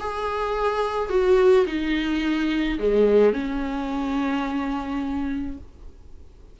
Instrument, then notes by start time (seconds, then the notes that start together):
viola
0.00 G#4
1.09 F#4
1.66 D#4
2.79 G#3
3.33 C#4